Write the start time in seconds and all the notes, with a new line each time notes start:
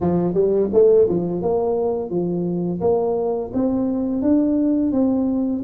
0.00 F3
0.33 G3
0.73 A3
1.08 F3
1.41 A#3
2.10 F3
2.80 A#3
3.53 C4
4.22 D4
4.92 C4